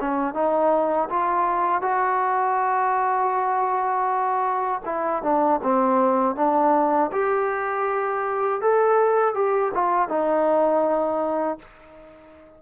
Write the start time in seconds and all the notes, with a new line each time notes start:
0.00 C#4
0.34 D#4
1.10 F4
1.82 F#4
4.85 E4
5.23 D4
5.63 C4
6.36 D4
7.12 G4
8.61 A4
9.34 G4
9.74 F4
10.09 D#4